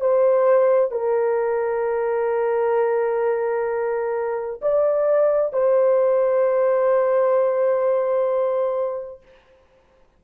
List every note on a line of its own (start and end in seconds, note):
0.00 0.91 C5
0.91 4.60 A#4
4.61 5.52 D5
5.52 9.21 C5